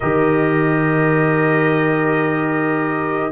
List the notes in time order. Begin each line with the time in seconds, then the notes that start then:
0.00 D#3 G4 A#4 D#5